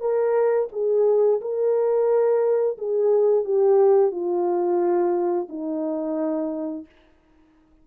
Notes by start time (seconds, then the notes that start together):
0.00 A#4
0.72 G#4
1.41 A#4
2.77 G#4
3.44 G4
4.11 F4
5.49 D#4